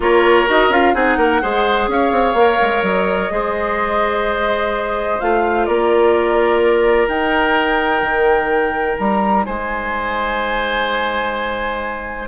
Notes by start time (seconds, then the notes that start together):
0.00 A#3 F4 A#4 C#5
0.46 D#4 F#4 D#5
0.69 C#4 F4 F5
0.94 C4 D#4 G#4 F#5
1.17 A#3 A#4
1.42 G#3 G#4 C5
1.88 C#4 C#5 F5
2.11 C4
2.33 A#3 A#4
2.61 G#3
2.82 F#3 D#5
3.30 G#3 G#4 C5
5.19 A3 F4 F5
5.65 A#3 A#4 D5
7.07 D#4 G5
8.01 D#3
8.98 G3 A#5
9.45 G#3 C5 G#5